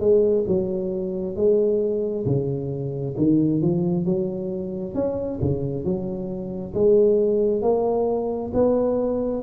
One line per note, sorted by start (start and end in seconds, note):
0.00 0.45 G#3
0.48 1.36 F#3
1.36 2.26 G#3
2.26 3.16 C#3
3.17 3.61 D#3
3.61 4.05 F3
4.05 4.95 F#3
4.95 5.39 C#4
5.41 5.84 C#3
5.84 6.74 F#3
6.74 7.62 G#3
7.62 8.52 A#3
8.54 9.42 B3